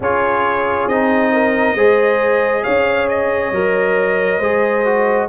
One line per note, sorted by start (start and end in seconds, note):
0.00 0.87 C#4
0.00 0.90 F4
0.00 1.32 G#4
0.00 0.88 C#5
0.87 1.74 C4
0.87 1.76 D#4
0.87 2.63 D#5
1.32 1.76 A#4
1.74 2.63 G#3
1.74 3.53 G#4
1.74 2.64 C5
2.63 3.51 C#4
2.63 4.38 C#5
2.63 3.07 F5
3.08 5.28 D#5
3.51 4.39 F#3
3.51 4.41 A#4
4.38 5.27 G#3
4.38 4.85 G#4
4.38 5.26 C5
4.85 5.28 F#4